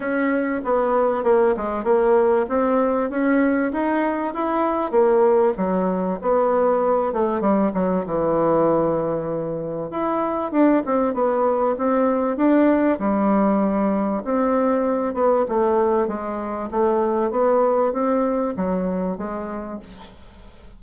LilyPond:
\new Staff \with { instrumentName = "bassoon" } { \time 4/4 \tempo 4 = 97 cis'4 b4 ais8 gis8 ais4 | c'4 cis'4 dis'4 e'4 | ais4 fis4 b4. a8 | g8 fis8 e2. |
e'4 d'8 c'8 b4 c'4 | d'4 g2 c'4~ | c'8 b8 a4 gis4 a4 | b4 c'4 fis4 gis4 | }